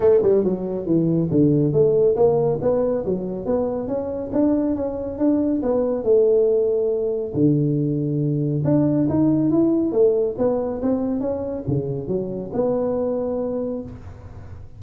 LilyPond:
\new Staff \with { instrumentName = "tuba" } { \time 4/4 \tempo 4 = 139 a8 g8 fis4 e4 d4 | a4 ais4 b4 fis4 | b4 cis'4 d'4 cis'4 | d'4 b4 a2~ |
a4 d2. | d'4 dis'4 e'4 a4 | b4 c'4 cis'4 cis4 | fis4 b2. | }